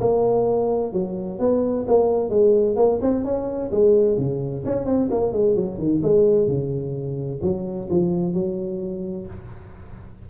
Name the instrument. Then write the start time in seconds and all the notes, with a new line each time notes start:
tuba
0.00 A#3
0.93 F#3
1.40 B3
1.88 A#3
2.30 G#3
2.76 A#3
3.02 C4
3.25 C#4
3.71 G#3
4.18 C#3
4.65 C#4
4.86 C4
5.11 A#3
5.32 G#3
5.56 F#3
5.79 D#3
6.03 G#3
6.48 C#3
7.43 F#3
7.90 F3
8.34 F#3